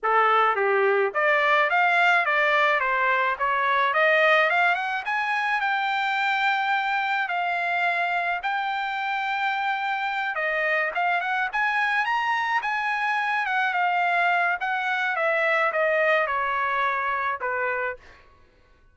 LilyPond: \new Staff \with { instrumentName = "trumpet" } { \time 4/4 \tempo 4 = 107 a'4 g'4 d''4 f''4 | d''4 c''4 cis''4 dis''4 | f''8 fis''8 gis''4 g''2~ | g''4 f''2 g''4~ |
g''2~ g''8 dis''4 f''8 | fis''8 gis''4 ais''4 gis''4. | fis''8 f''4. fis''4 e''4 | dis''4 cis''2 b'4 | }